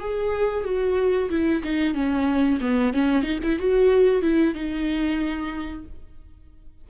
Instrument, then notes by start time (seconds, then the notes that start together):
viola
0.00 G#4
0.64 F#4
1.30 E4
1.63 D#4
1.94 C#4
2.61 B3
2.93 C#4
3.23 D#4
3.43 E4
3.59 F#4
4.22 E4
4.54 D#4